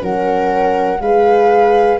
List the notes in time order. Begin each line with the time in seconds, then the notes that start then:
0.00 F#3 C#4 A#4 F#5
1.00 G#3 G#4 B4 F5